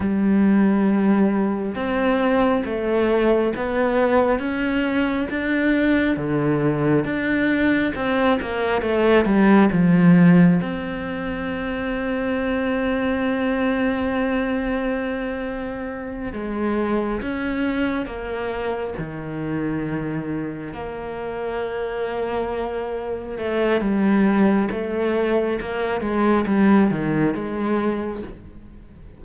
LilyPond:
\new Staff \with { instrumentName = "cello" } { \time 4/4 \tempo 4 = 68 g2 c'4 a4 | b4 cis'4 d'4 d4 | d'4 c'8 ais8 a8 g8 f4 | c'1~ |
c'2~ c'8 gis4 cis'8~ | cis'8 ais4 dis2 ais8~ | ais2~ ais8 a8 g4 | a4 ais8 gis8 g8 dis8 gis4 | }